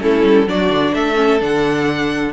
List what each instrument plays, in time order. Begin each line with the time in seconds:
0.00 cello A3, viola C#4, violin E4 A4
0.25 cello G3
0.47 cello F#3, viola D4, violin F#4 D5
0.70 cello D3
0.94 cello A3, violin A4 E5
1.16 viola C#4
1.40 cello D3, viola D4, violin F#5